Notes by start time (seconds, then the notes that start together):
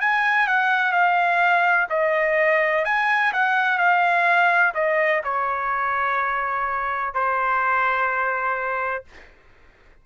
0.00 G#5
0.47 F#5
0.92 F5
1.90 D#5
2.85 G#5
3.33 F#5
3.77 F5
4.74 D#5
5.24 C#5
7.14 C5